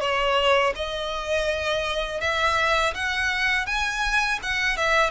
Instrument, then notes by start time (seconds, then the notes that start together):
violin
0.00 C#5
0.75 D#5
2.21 E5
2.94 F#5
3.66 G#5
4.42 F#5
4.77 E5